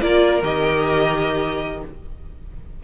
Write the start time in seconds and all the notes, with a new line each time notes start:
0.00 A#3 F4 A#4 D5
0.42 D#3 G4 D#5